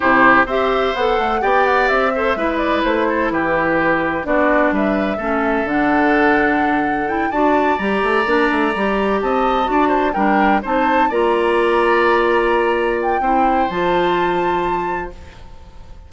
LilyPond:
<<
  \new Staff \with { instrumentName = "flute" } { \time 4/4 \tempo 4 = 127 c''4 e''4 fis''4 g''8 fis''8 | e''4. d''8 c''4 b'4~ | b'4 d''4 e''2 | fis''2. g''8 a''8~ |
a''8 ais''2. a''8~ | a''4. g''4 a''4 ais''8~ | ais''2.~ ais''8 g''8~ | g''4 a''2. | }
  \new Staff \with { instrumentName = "oboe" } { \time 4/4 g'4 c''2 d''4~ | d''8 c''8 b'4. a'8 g'4~ | g'4 fis'4 b'4 a'4~ | a'2.~ a'8 d''8~ |
d''2.~ d''8 dis''8~ | dis''8 d''8 c''8 ais'4 c''4 d''8~ | d''1 | c''1 | }
  \new Staff \with { instrumentName = "clarinet" } { \time 4/4 e'4 g'4 a'4 g'4~ | g'8 a'8 e'2.~ | e'4 d'2 cis'4 | d'2. e'8 fis'8~ |
fis'8 g'4 d'4 g'4.~ | g'8 fis'4 d'4 dis'4 f'8~ | f'1 | e'4 f'2. | }
  \new Staff \with { instrumentName = "bassoon" } { \time 4/4 c4 c'4 b8 a8 b4 | c'4 gis4 a4 e4~ | e4 b4 g4 a4 | d2.~ d8 d'8~ |
d'8 g8 a8 ais8 a8 g4 c'8~ | c'8 d'4 g4 c'4 ais8~ | ais1 | c'4 f2. | }
>>